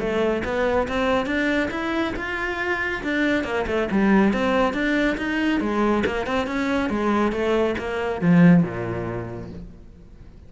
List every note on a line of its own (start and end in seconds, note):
0.00 0.43 A3
0.45 0.88 B3
0.88 1.27 C4
1.27 1.70 D4
1.71 2.14 E4
2.16 3.03 F4
3.04 3.44 D4
3.44 3.66 A#3
3.67 3.89 A3
3.92 4.33 G3
4.33 4.74 C4
4.74 5.17 D4
5.18 5.61 D#4
5.61 6.04 G#3
6.06 6.27 A#3
6.27 6.47 C4
6.47 6.90 C#4
6.90 7.32 G#3
7.32 7.75 A3
7.78 8.22 A#3
8.22 8.64 F3
8.64 9.50 A#2